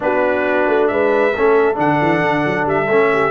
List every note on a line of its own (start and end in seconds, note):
0.00 0.67 B3
0.00 1.32 D4
0.00 0.91 F#4
0.00 0.87 B4
0.67 0.90 A3
0.87 1.34 G#3
0.87 1.34 B4
0.87 1.76 E5
1.34 1.77 A3
1.34 1.74 C#4
1.34 3.11 A4
1.74 2.00 D3
1.74 2.85 D4
1.74 2.67 F#5
2.01 2.22 E3
2.22 2.44 D3
2.46 2.66 F#3
2.66 2.88 G3
2.66 3.30 E5
2.88 3.30 A3
2.88 3.30 C#4
3.12 3.30 G4